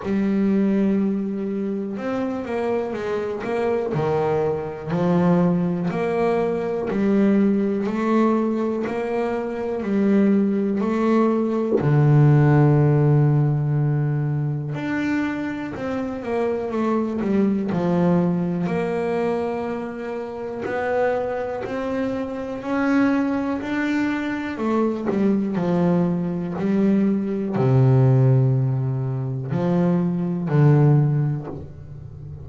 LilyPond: \new Staff \with { instrumentName = "double bass" } { \time 4/4 \tempo 4 = 61 g2 c'8 ais8 gis8 ais8 | dis4 f4 ais4 g4 | a4 ais4 g4 a4 | d2. d'4 |
c'8 ais8 a8 g8 f4 ais4~ | ais4 b4 c'4 cis'4 | d'4 a8 g8 f4 g4 | c2 f4 d4 | }